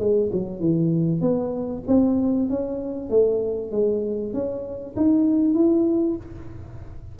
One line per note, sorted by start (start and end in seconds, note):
0.00 0.31 G#3
0.32 0.60 F#3
0.60 1.21 E3
1.21 1.83 B3
1.88 2.49 C4
2.49 3.10 C#4
3.10 3.71 A3
3.71 4.33 G#3
4.33 4.95 C#4
4.96 5.54 D#4
5.54 6.16 E4